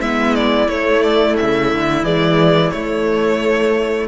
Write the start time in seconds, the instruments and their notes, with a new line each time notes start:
0.00 cello G#3, viola B3, violin E4 E5
0.35 violin D5
0.68 cello A3, viola A3, violin C#5
1.02 violin D5
1.36 cello C#3, violin E5
1.73 cello D3
2.03 cello E3, viola G#3, violin D5
2.71 cello A3, viola A3, violin C#5